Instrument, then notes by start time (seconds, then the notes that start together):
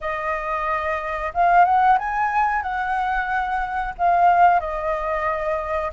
flute
0.00 D#5
1.34 F5
1.65 F#5
1.98 G#5
2.62 F#5
3.98 F5
4.59 D#5